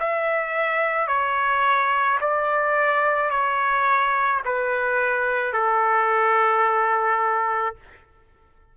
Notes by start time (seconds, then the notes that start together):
0.00 E5
1.08 C#5
2.21 D5
3.31 C#5
4.45 B4
5.54 A4